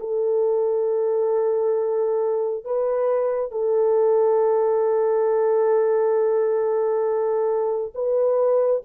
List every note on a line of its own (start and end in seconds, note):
0.00 2.65 A4
2.65 3.52 B4
3.52 7.93 A4
7.95 8.83 B4